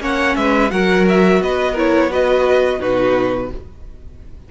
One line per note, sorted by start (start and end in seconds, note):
0.00 0.35 A#3
0.00 0.70 C#4
0.00 0.36 C#5
0.00 0.36 F#5
0.36 0.72 G#3
0.36 0.72 B4
0.36 0.70 E5
0.70 1.41 F#3
0.70 1.75 F#4
0.70 1.42 A#4
0.70 1.05 F#5
1.09 1.42 E5
1.41 2.80 B3
1.41 1.72 B4
1.41 1.77 D#5
1.72 2.10 E4
1.72 2.07 A#4
1.72 2.13 C#5
2.10 2.80 F#4
2.10 2.80 B4
2.10 2.82 D#5
2.80 3.51 B2
2.80 3.49 D#4
2.80 3.49 F#4
2.80 3.51 B4